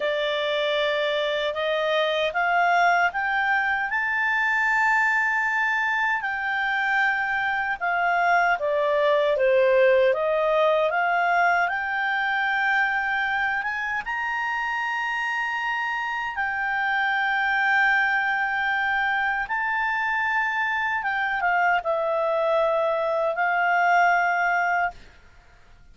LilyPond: \new Staff \with { instrumentName = "clarinet" } { \time 4/4 \tempo 4 = 77 d''2 dis''4 f''4 | g''4 a''2. | g''2 f''4 d''4 | c''4 dis''4 f''4 g''4~ |
g''4. gis''8 ais''2~ | ais''4 g''2.~ | g''4 a''2 g''8 f''8 | e''2 f''2 | }